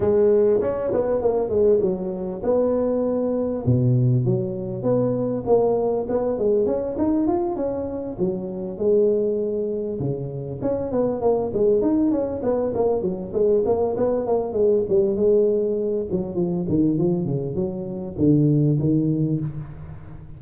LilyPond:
\new Staff \with { instrumentName = "tuba" } { \time 4/4 \tempo 4 = 99 gis4 cis'8 b8 ais8 gis8 fis4 | b2 b,4 fis4 | b4 ais4 b8 gis8 cis'8 dis'8 | f'8 cis'4 fis4 gis4.~ |
gis8 cis4 cis'8 b8 ais8 gis8 dis'8 | cis'8 b8 ais8 fis8 gis8 ais8 b8 ais8 | gis8 g8 gis4. fis8 f8 dis8 | f8 cis8 fis4 d4 dis4 | }